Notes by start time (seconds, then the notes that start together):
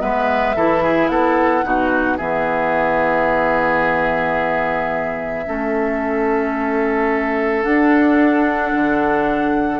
0.00 G#3 B3 B4 E5
0.56 E3 E4 A4
0.83 G#4
1.08 B3 A4 F#5
1.64 B2 D#4 F#4
2.17 E3 B3 G#4 E5
5.47 A3 C#4 A4
7.63 D4 F#5
8.74 D3